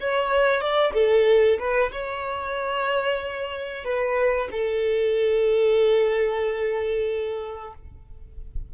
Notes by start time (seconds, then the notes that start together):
0.00 C#5
0.61 D5
0.94 A4
1.59 B4
1.92 C#5
3.84 B4
4.51 A4